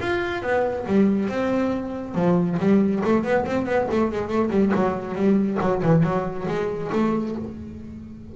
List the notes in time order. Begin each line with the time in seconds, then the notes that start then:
0.00 F4
0.42 B3
0.86 G3
1.29 C4
2.15 F3
2.59 G3
3.04 A3
3.23 B3
3.45 C4
3.66 B3
3.91 A3
4.11 G#3
4.28 A3
4.50 G3
4.75 F#3
5.15 G3
5.60 F#3
5.82 E3
6.03 F#3
6.47 G#3
6.92 A3